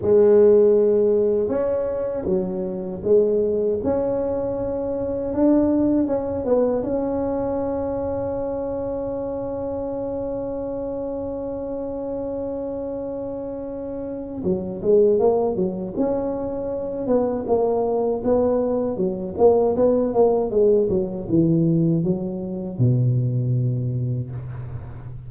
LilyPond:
\new Staff \with { instrumentName = "tuba" } { \time 4/4 \tempo 4 = 79 gis2 cis'4 fis4 | gis4 cis'2 d'4 | cis'8 b8 cis'2.~ | cis'1~ |
cis'2. fis8 gis8 | ais8 fis8 cis'4. b8 ais4 | b4 fis8 ais8 b8 ais8 gis8 fis8 | e4 fis4 b,2 | }